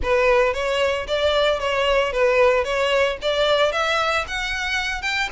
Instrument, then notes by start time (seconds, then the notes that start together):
violin
0.02 B4
0.53 C#5
1.07 D5
1.59 C#5
2.12 B4
2.64 C#5
3.21 D5
3.72 E5
4.27 F#5
5.02 G5